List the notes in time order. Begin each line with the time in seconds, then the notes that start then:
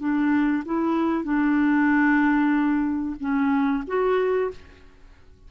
0.00 D4
0.66 E4
1.24 D4
3.20 C#4
3.88 F#4